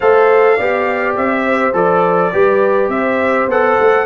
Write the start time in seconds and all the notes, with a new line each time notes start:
0.00 A3 A4 C5 F5
0.56 B3 G4 D5
1.16 C4 E5
1.45 C5
1.73 F3 A4 D5
2.32 G3 G4 B4
2.88 C4 C5 E5
3.47 B3 A4 F#5
3.79 A3